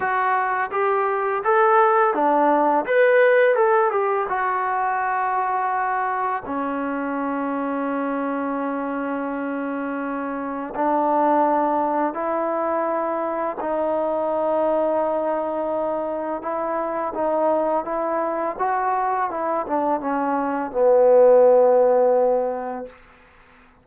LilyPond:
\new Staff \with { instrumentName = "trombone" } { \time 4/4 \tempo 4 = 84 fis'4 g'4 a'4 d'4 | b'4 a'8 g'8 fis'2~ | fis'4 cis'2.~ | cis'2. d'4~ |
d'4 e'2 dis'4~ | dis'2. e'4 | dis'4 e'4 fis'4 e'8 d'8 | cis'4 b2. | }